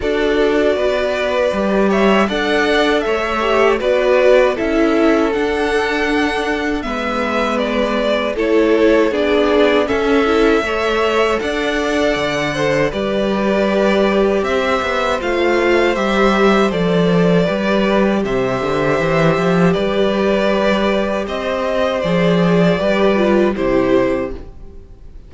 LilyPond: <<
  \new Staff \with { instrumentName = "violin" } { \time 4/4 \tempo 4 = 79 d''2~ d''8 e''8 fis''4 | e''4 d''4 e''4 fis''4~ | fis''4 e''4 d''4 cis''4 | d''4 e''2 fis''4~ |
fis''4 d''2 e''4 | f''4 e''4 d''2 | e''2 d''2 | dis''4 d''2 c''4 | }
  \new Staff \with { instrumentName = "violin" } { \time 4/4 a'4 b'4. cis''8 d''4 | cis''4 b'4 a'2~ | a'4 b'2 a'4 | gis'4 a'4 cis''4 d''4~ |
d''8 c''8 b'2 c''4~ | c''2. b'4 | c''2 b'2 | c''2 b'4 g'4 | }
  \new Staff \with { instrumentName = "viola" } { \time 4/4 fis'2 g'4 a'4~ | a'8 g'8 fis'4 e'4 d'4~ | d'4 b2 e'4 | d'4 cis'8 e'8 a'2~ |
a'4 g'2. | f'4 g'4 a'4 g'4~ | g'1~ | g'4 gis'4 g'8 f'8 e'4 | }
  \new Staff \with { instrumentName = "cello" } { \time 4/4 d'4 b4 g4 d'4 | a4 b4 cis'4 d'4~ | d'4 gis2 a4 | b4 cis'4 a4 d'4 |
d4 g2 c'8 b8 | a4 g4 f4 g4 | c8 d8 e8 f8 g2 | c'4 f4 g4 c4 | }
>>